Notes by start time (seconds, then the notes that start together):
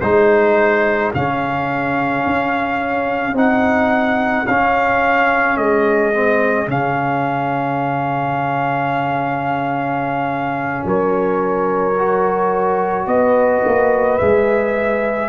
0.00 G#3 D#4 G#4 C5
1.14 C#3 C#4 F5
2.25 C#4
3.33 C4 D#4 F#5
4.46 C#4 F5
5.56 G#3 D#5
6.12 C4
6.66 C#3 C#4 F5
10.85 F#3 A#4 C#5
11.98 F#4
13.06 B3 B4 D#5
13.65 A#3
14.18 G#3 G#4 E5